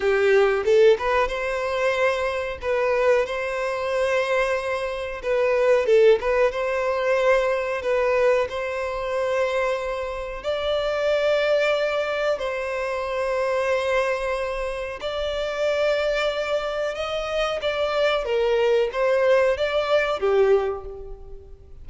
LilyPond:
\new Staff \with { instrumentName = "violin" } { \time 4/4 \tempo 4 = 92 g'4 a'8 b'8 c''2 | b'4 c''2. | b'4 a'8 b'8 c''2 | b'4 c''2. |
d''2. c''4~ | c''2. d''4~ | d''2 dis''4 d''4 | ais'4 c''4 d''4 g'4 | }